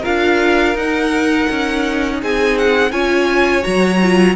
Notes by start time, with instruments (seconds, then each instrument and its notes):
0.00 viola F4, violin A#4 F5
0.06 cello D4
0.75 cello D#4, viola D#4, violin F#5
1.50 cello C#4
2.22 cello C4, violin G#4 G#5
2.58 violin F#5
2.92 cello C#4, viola F4, violin C#5 G#5
3.62 cello F#3, viola F#4, violin A#5
4.03 viola F4